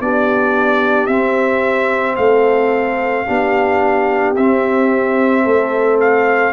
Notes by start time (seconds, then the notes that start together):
0.00 B3 D4 G4 D5
1.07 C4 E5
2.16 A3 A4 F5
3.27 B3 D4 G4
4.36 C4 E5
5.44 A3 A4
6.01 F5